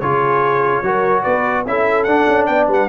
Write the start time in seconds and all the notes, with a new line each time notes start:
0.00 C#3 F4 G#4 C#5
0.83 F#3 F#4 A#4
1.23 B3 B4 D5
1.66 C#4 E4 A4 E5
2.04 D4 F#5
2.28 C#4
2.46 B3 D5 G5
2.68 G3 B4 F#5